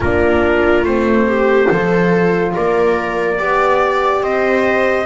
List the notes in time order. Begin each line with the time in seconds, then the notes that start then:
0.00 A#3 D4 F4 A#4
0.82 A3 C4 C5
1.27 G4
1.67 F3 F4 A4
2.54 A#3 A#4 D5
3.38 B3 G4 D5
4.21 C4 C5 D#5